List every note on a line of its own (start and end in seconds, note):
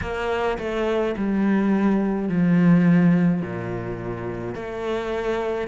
0.01 0.58 A#3
0.58 1.15 A3
1.16 2.28 G3
2.28 3.41 F3
3.41 4.54 A#2
4.54 5.68 A3